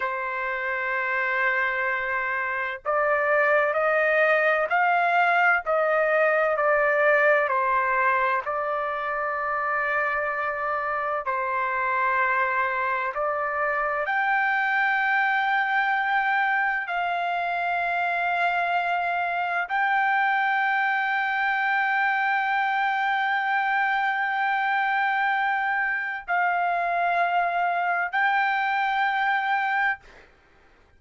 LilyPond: \new Staff \with { instrumentName = "trumpet" } { \time 4/4 \tempo 4 = 64 c''2. d''4 | dis''4 f''4 dis''4 d''4 | c''4 d''2. | c''2 d''4 g''4~ |
g''2 f''2~ | f''4 g''2.~ | g''1 | f''2 g''2 | }